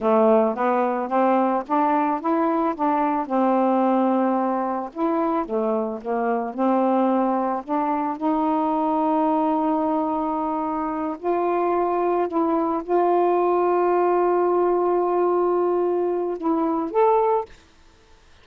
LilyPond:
\new Staff \with { instrumentName = "saxophone" } { \time 4/4 \tempo 4 = 110 a4 b4 c'4 d'4 | e'4 d'4 c'2~ | c'4 e'4 a4 ais4 | c'2 d'4 dis'4~ |
dis'1~ | dis'8 f'2 e'4 f'8~ | f'1~ | f'2 e'4 a'4 | }